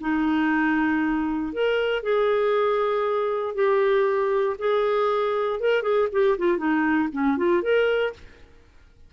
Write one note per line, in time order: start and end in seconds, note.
0.00 1.52 D#4
1.52 2.02 A#4
2.02 3.54 G#4
3.54 4.56 G4
4.58 5.59 G#4
5.59 5.82 A#4
5.82 6.08 G#4
6.12 6.37 G4
6.37 6.57 F4
6.57 7.08 D#4
7.12 7.37 C#4
7.37 7.62 F4
7.62 8.13 A#4